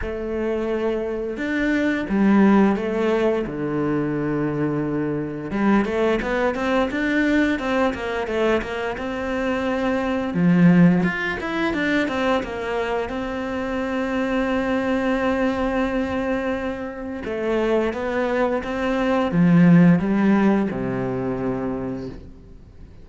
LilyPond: \new Staff \with { instrumentName = "cello" } { \time 4/4 \tempo 4 = 87 a2 d'4 g4 | a4 d2. | g8 a8 b8 c'8 d'4 c'8 ais8 | a8 ais8 c'2 f4 |
f'8 e'8 d'8 c'8 ais4 c'4~ | c'1~ | c'4 a4 b4 c'4 | f4 g4 c2 | }